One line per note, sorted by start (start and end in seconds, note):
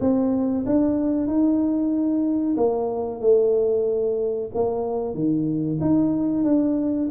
0.00 0.65 C4
0.66 1.27 D4
1.27 2.56 D#4
2.57 3.21 A#3
3.21 4.50 A3
4.54 5.14 A#3
5.14 5.79 D#3
5.80 6.44 D#4
6.44 7.08 D4